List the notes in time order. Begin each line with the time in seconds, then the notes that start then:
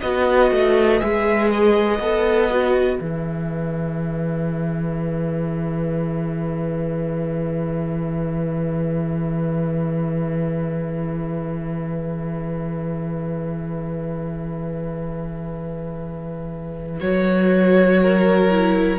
0.00 B3 F#4 B4 D#5
0.51 A3
0.99 G#3 G#4 E5
1.51 D#5
1.99 B3 A4
2.50 F#4
2.99 E3 G#4 E5
17.00 F#3 F#4 C#5
18.02 A#4
18.50 E4